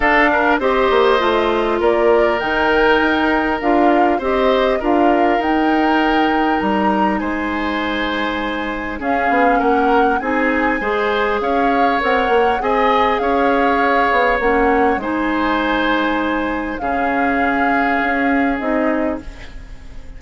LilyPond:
<<
  \new Staff \with { instrumentName = "flute" } { \time 4/4 \tempo 4 = 100 f''4 dis''2 d''4 | g''2 f''4 dis''4 | f''4 g''2 ais''4 | gis''2. f''4 |
fis''4 gis''2 f''4 | fis''4 gis''4 f''2 | fis''4 gis''2. | f''2. dis''4 | }
  \new Staff \with { instrumentName = "oboe" } { \time 4/4 a'8 ais'8 c''2 ais'4~ | ais'2. c''4 | ais'1 | c''2. gis'4 |
ais'4 gis'4 c''4 cis''4~ | cis''4 dis''4 cis''2~ | cis''4 c''2. | gis'1 | }
  \new Staff \with { instrumentName = "clarinet" } { \time 4/4 d'4 g'4 f'2 | dis'2 f'4 g'4 | f'4 dis'2.~ | dis'2. cis'4~ |
cis'4 dis'4 gis'2 | ais'4 gis'2. | cis'4 dis'2. | cis'2. dis'4 | }
  \new Staff \with { instrumentName = "bassoon" } { \time 4/4 d'4 c'8 ais8 a4 ais4 | dis4 dis'4 d'4 c'4 | d'4 dis'2 g4 | gis2. cis'8 b8 |
ais4 c'4 gis4 cis'4 | c'8 ais8 c'4 cis'4. b8 | ais4 gis2. | cis2 cis'4 c'4 | }
>>